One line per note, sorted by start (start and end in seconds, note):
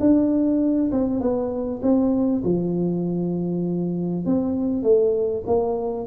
0.00 0.91 D4
0.92 1.20 C4
1.20 1.81 B3
1.82 2.43 C4
2.44 4.25 F3
4.25 4.83 C4
4.83 5.43 A3
5.47 6.07 A#3